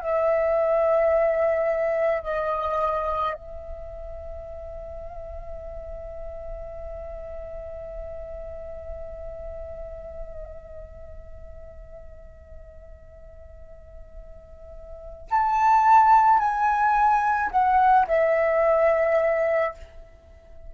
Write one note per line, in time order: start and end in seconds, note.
0.00 2.22 E5
2.23 3.33 D#5
3.33 15.28 E5
15.30 16.39 A5
16.39 17.50 G#5
17.51 18.06 F#5
18.07 19.74 E5